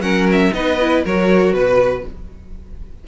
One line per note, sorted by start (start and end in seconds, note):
0.00 0.51 F#3
0.00 0.52 C#4
0.00 0.53 A#4
0.00 0.27 F#5
0.32 0.53 E5
0.53 1.04 B3
0.53 0.79 D#4
0.53 1.04 B4
0.53 1.03 D#5
0.81 1.06 E4
1.04 1.53 F#3
1.04 2.07 F#4
1.04 1.55 A#4
1.04 1.53 C#5
1.53 2.03 B2
1.53 2.04 B4
1.53 2.06 B4